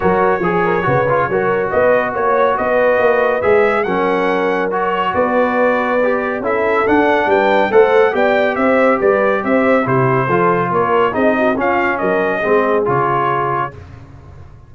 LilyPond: <<
  \new Staff \with { instrumentName = "trumpet" } { \time 4/4 \tempo 4 = 140 cis''1 | dis''4 cis''4 dis''2 | e''4 fis''2 cis''4 | d''2. e''4 |
fis''4 g''4 fis''4 g''4 | e''4 d''4 e''4 c''4~ | c''4 cis''4 dis''4 f''4 | dis''2 cis''2 | }
  \new Staff \with { instrumentName = "horn" } { \time 4/4 ais'4 gis'8 ais'8 b'4 ais'4 | b'4 cis''4 b'2~ | b'4 ais'2. | b'2. a'4~ |
a'4 b'4 c''4 d''4 | c''4 b'4 c''4 g'4 | a'4 ais'4 gis'8 fis'8 f'4 | ais'4 gis'2. | }
  \new Staff \with { instrumentName = "trombone" } { \time 4/4 fis'4 gis'4 fis'8 f'8 fis'4~ | fis'1 | gis'4 cis'2 fis'4~ | fis'2 g'4 e'4 |
d'2 a'4 g'4~ | g'2. e'4 | f'2 dis'4 cis'4~ | cis'4 c'4 f'2 | }
  \new Staff \with { instrumentName = "tuba" } { \time 4/4 fis4 f4 cis4 fis4 | b4 ais4 b4 ais4 | gis4 fis2. | b2. cis'4 |
d'4 g4 a4 b4 | c'4 g4 c'4 c4 | f4 ais4 c'4 cis'4 | fis4 gis4 cis2 | }
>>